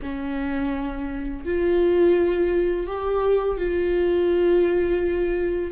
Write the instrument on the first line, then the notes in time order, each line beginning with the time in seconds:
viola
0.02 C#4
1.44 F4
2.86 G4
3.57 F4